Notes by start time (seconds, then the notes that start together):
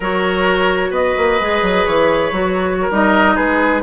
0.00 F#3 F#4 A#4 C#5
0.90 B3 B4 D#5
1.17 A#3
1.40 G#3 G#4
1.62 F#3
1.86 E3 C#5
2.31 F#3 F#4
2.81 A#4
2.90 G3 D#4 D#5
3.35 G#3 G#4 B4